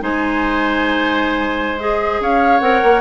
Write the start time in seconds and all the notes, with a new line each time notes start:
0.00 G#3 D#4 C5 G#5
1.79 G#4 D#5
2.20 C#4 C#5 F5
2.60 C4 A#4 F#5
2.83 A#3